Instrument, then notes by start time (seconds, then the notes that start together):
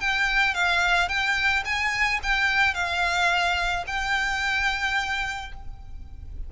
violin
0.00 G5
0.54 F5
1.08 G5
1.64 G#5
2.23 G5
2.74 F5
3.87 G5